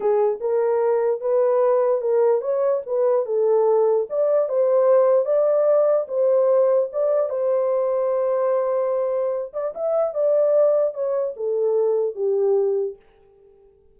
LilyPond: \new Staff \with { instrumentName = "horn" } { \time 4/4 \tempo 4 = 148 gis'4 ais'2 b'4~ | b'4 ais'4 cis''4 b'4 | a'2 d''4 c''4~ | c''4 d''2 c''4~ |
c''4 d''4 c''2~ | c''2.~ c''8 d''8 | e''4 d''2 cis''4 | a'2 g'2 | }